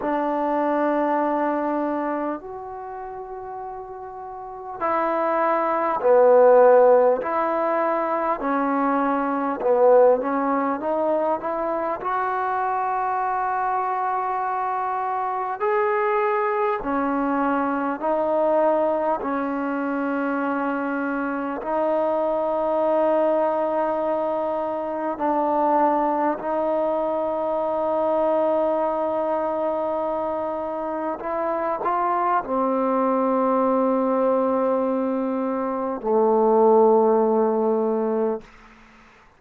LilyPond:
\new Staff \with { instrumentName = "trombone" } { \time 4/4 \tempo 4 = 50 d'2 fis'2 | e'4 b4 e'4 cis'4 | b8 cis'8 dis'8 e'8 fis'2~ | fis'4 gis'4 cis'4 dis'4 |
cis'2 dis'2~ | dis'4 d'4 dis'2~ | dis'2 e'8 f'8 c'4~ | c'2 a2 | }